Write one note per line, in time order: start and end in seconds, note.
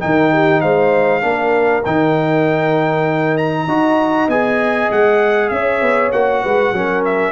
0.00 0.63 D#3
0.00 1.21 D#4
0.00 0.32 A#4
0.00 0.61 G5
0.32 0.61 G4
0.61 1.23 G#3
0.61 1.22 C5
0.61 1.83 F5
1.21 1.84 A#3
1.21 1.82 D4
1.21 3.66 A#4
1.85 3.67 D#3
1.85 3.68 D#4
1.85 3.37 G5
3.37 4.29 A#5
3.66 4.28 D#4
3.66 4.30 F#4
3.66 5.49 D#5
4.28 4.89 B3
4.28 6.13 G#4
4.28 4.91 G#5
4.91 5.51 G#3
4.91 5.49 F#5
5.49 5.82 C#4
5.49 6.43 C#5
5.49 6.10 E5
5.82 6.12 B3
6.12 6.43 A#3
6.12 6.74 F#4
6.12 7.04 F#5
6.43 6.72 G#3
6.43 6.73 B4
6.72 7.32 F#3
6.72 7.32 C#4
6.72 7.32 A#4
7.05 7.32 E5